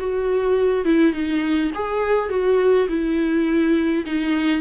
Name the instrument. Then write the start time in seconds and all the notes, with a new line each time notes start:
viola
0.00 F#4
0.85 E4
1.13 D#4
1.75 G#4
2.30 F#4
2.89 E4
4.06 D#4